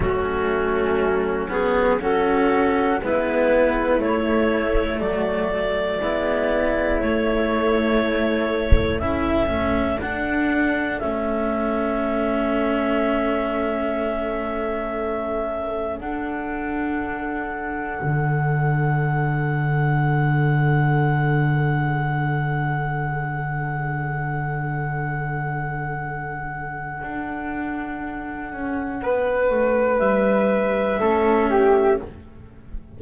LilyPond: <<
  \new Staff \with { instrumentName = "clarinet" } { \time 4/4 \tempo 4 = 60 fis'4. gis'8 a'4 b'4 | cis''4 d''2 cis''4~ | cis''4 e''4 fis''4 e''4~ | e''1 |
fis''1~ | fis''1~ | fis''1~ | fis''2 e''2 | }
  \new Staff \with { instrumentName = "flute" } { \time 4/4 cis'2 fis'4 e'4~ | e'4 fis'4 e'2~ | e'4 a'2.~ | a'1~ |
a'1~ | a'1~ | a'1~ | a'4 b'2 a'8 g'8 | }
  \new Staff \with { instrumentName = "cello" } { \time 4/4 a4. b8 cis'4 b4 | a2 b4 a4~ | a4 e'8 cis'8 d'4 cis'4~ | cis'1 |
d'1~ | d'1~ | d'1~ | d'2. cis'4 | }
  \new Staff \with { instrumentName = "double bass" } { \time 4/4 fis2. gis4 | a4 fis4 gis4 a4~ | a4 cis'8 a8 d'4 a4~ | a1 |
d'2 d2~ | d1~ | d2. d'4~ | d'8 cis'8 b8 a8 g4 a4 | }
>>